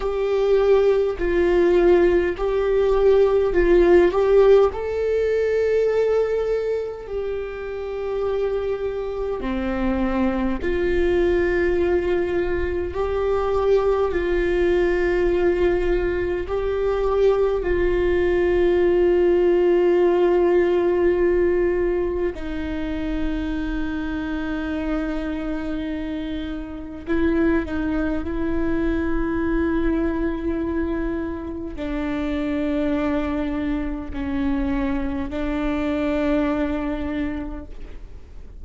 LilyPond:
\new Staff \with { instrumentName = "viola" } { \time 4/4 \tempo 4 = 51 g'4 f'4 g'4 f'8 g'8 | a'2 g'2 | c'4 f'2 g'4 | f'2 g'4 f'4~ |
f'2. dis'4~ | dis'2. e'8 dis'8 | e'2. d'4~ | d'4 cis'4 d'2 | }